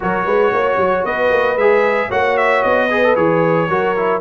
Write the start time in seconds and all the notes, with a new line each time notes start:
0.00 F#3 F#4 A#4 C#5
0.25 G#3 B4
0.53 A#3 C#5
0.76 F#3
1.04 B3 B4 D#5
1.30 A#3
1.55 G#3 G#4 E5
2.08 A#3 F#4 C#5 F#5
2.37 E5
2.62 B3 D#5
2.90 G#4 B4
3.03 A4
3.15 E3 G#4 C#5
3.69 F#3 F#4 A#4
3.96 E4